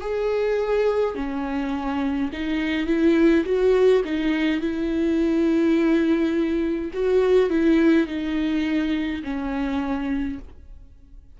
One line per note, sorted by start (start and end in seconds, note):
0.00 1.15 G#4
1.15 2.30 C#4
2.32 2.86 D#4
2.86 3.44 E4
3.45 4.02 F#4
4.04 4.60 D#4
4.60 6.91 E4
6.93 7.49 F#4
7.49 8.07 E4
8.07 9.22 D#4
9.23 10.38 C#4